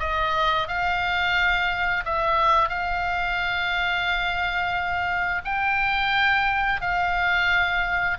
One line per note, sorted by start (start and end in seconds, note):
0.00 0.68 D#5
0.68 2.05 F5
2.05 2.70 E5
2.70 5.42 F5
5.45 6.81 G5
6.82 8.18 F5